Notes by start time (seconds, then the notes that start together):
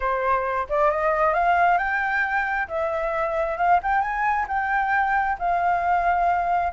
0.00 C5
0.69 D5
0.90 D#5
1.33 F5
1.78 G5
2.67 E5
3.57 F5
3.82 G5
4.01 G#5
4.48 G5
5.39 F5